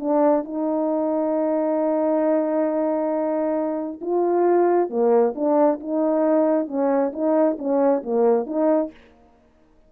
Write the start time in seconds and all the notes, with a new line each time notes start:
0.00 D4
0.45 D#4
4.02 F4
4.90 A#3
5.35 D4
5.80 D#4
6.68 C#4
7.13 D#4
7.59 C#4
8.03 A#3
8.46 D#4